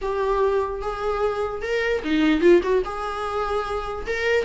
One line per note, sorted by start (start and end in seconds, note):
0.01 0.81 G4
0.81 1.62 G#4
1.62 2.02 A#4
2.04 2.40 D#4
2.40 2.61 F4
2.62 2.82 F#4
2.84 4.06 G#4
4.07 4.45 A#4